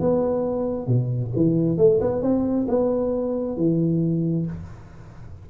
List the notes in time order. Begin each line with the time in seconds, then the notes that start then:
0.00 B3
0.87 B2
1.36 E3
1.78 A3
2.01 B3
2.22 C4
2.68 B3
3.57 E3